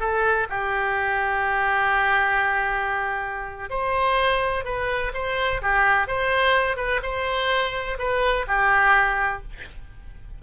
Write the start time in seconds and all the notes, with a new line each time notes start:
0.00 A4
0.50 G4
3.70 C5
4.65 B4
5.14 C5
5.62 G4
6.08 C5
6.77 B4
7.03 C5
7.99 B4
8.47 G4